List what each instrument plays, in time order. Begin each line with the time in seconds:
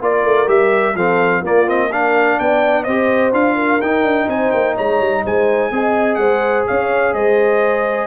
0.00 tuba A#3, trombone F4, horn A#4, trumpet D5
0.23 tuba A3
0.46 tuba G3, trombone G4, trumpet E5
0.94 tuba F3, trombone C4, horn A4, trumpet F5
1.40 tuba A#3, trombone A#3, horn F4, trumpet D5
1.66 trombone C4, trumpet D#5
1.90 trombone D4, horn A#4, trumpet F5
2.39 tuba B3, horn D5, trumpet G5
2.83 tuba C4, trombone G4, horn C5, trumpet D#5
3.32 tuba D4, trombone F4, trumpet F5
3.55 horn A#4
3.81 tuba D#4, trombone D#4, trumpet G5
4.03 tuba D4
4.27 tuba C4, horn C5, trumpet G#5
4.51 tuba A#3, trumpet G5
4.74 tuba G#3, horn C#5, trumpet A#5
4.99 tuba G3
5.24 tuba G#3, horn C5, trumpet G#5
5.71 tuba C4, trombone G#4, horn D#5
6.15 tuba G#3, horn C5, trumpet F#5
6.66 tuba C#4, horn C#5, trumpet F5
7.13 tuba G#3, horn C5, trumpet D#5